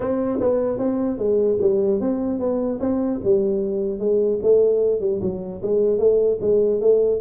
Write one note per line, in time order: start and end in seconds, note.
0.00 0.39 C4
0.40 0.78 B3
0.78 1.18 C4
1.18 1.58 G#3
1.60 2.00 G3
2.00 2.39 C4
2.39 2.79 B3
2.80 3.20 C4
3.23 3.99 G3
3.99 4.39 G#3
4.42 5.00 A3
5.00 5.20 G3
5.21 5.61 F#3
5.62 5.98 G#3
5.98 6.38 A3
6.40 6.80 G#3
6.81 7.20 A3